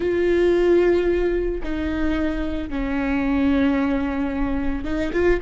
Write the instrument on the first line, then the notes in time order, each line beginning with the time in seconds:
viola
0.00 F4
1.63 D#4
2.69 C#4
4.84 D#4
5.12 F4